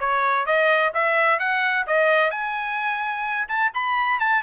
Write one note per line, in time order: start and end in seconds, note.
0.00 0.46 C#5
0.46 0.93 D#5
0.94 1.40 E5
1.40 1.86 F#5
1.87 2.31 D#5
2.31 3.49 G#5
3.49 3.72 A5
3.75 4.20 B5
4.20 4.43 A5